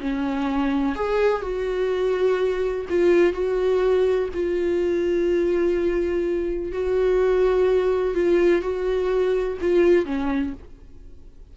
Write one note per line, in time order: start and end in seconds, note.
0.00 0.95 C#4
0.95 1.42 G#4
1.42 2.86 F#4
2.89 3.33 F4
3.33 4.29 F#4
4.34 6.72 F4
6.72 8.15 F#4
8.15 8.62 F4
8.62 9.58 F#4
9.61 10.05 F4
10.05 10.53 C#4